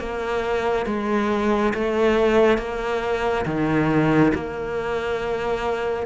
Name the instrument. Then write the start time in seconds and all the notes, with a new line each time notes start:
cello
0.00 A#3
0.87 G#3
1.74 A3
2.58 A#3
3.46 D#3
4.35 A#3